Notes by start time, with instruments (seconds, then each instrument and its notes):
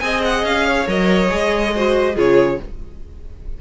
0.00 cello C4, viola G#4, violin D#5 G#5
0.25 violin F#5
0.44 cello C#4, violin F5
0.67 violin C#5
0.87 cello F#3, viola A#4, violin D#5
1.29 cello G#3, viola G#4
1.74 viola F#4, violin C5
2.15 cello C#3, viola F4, violin G#4 C#5